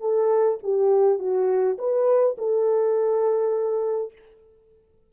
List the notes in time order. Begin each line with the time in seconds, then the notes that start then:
0.00 A4
0.63 G4
1.19 F#4
1.78 B4
2.38 A4